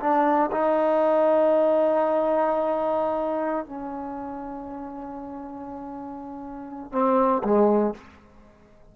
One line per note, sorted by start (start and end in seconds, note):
0.00 0.50 D4
0.52 3.66 D#4
3.66 6.92 C#4
6.92 7.43 C4
7.44 7.94 G#3